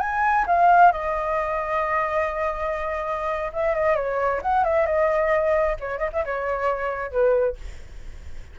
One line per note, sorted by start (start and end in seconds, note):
0.00 0.45 G#5
0.47 0.92 F5
0.92 3.51 D#5
3.53 3.74 E5
3.74 3.95 D#5
3.95 4.40 C#5
4.42 4.64 F#5
4.64 4.86 E5
4.86 5.76 D#5
5.80 5.98 C#5
5.98 6.10 D#5
6.13 6.24 E5
6.25 7.11 C#5
7.11 7.56 B4